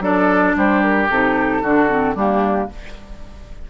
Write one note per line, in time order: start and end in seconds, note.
0.00 0.53 F#3
0.00 1.08 D4
0.00 0.56 A4
0.00 0.56 D5
0.56 1.09 G3
0.56 1.62 G4
0.56 0.82 C5
0.82 1.09 A#4
1.09 1.62 C3
1.09 1.64 D#4
1.09 2.16 A4
1.62 2.15 D3
1.62 1.89 D4
1.62 2.15 F#4
1.89 2.16 C4
2.15 2.68 G3
2.15 2.70 A#3
2.15 2.68 D4
2.15 2.70 G4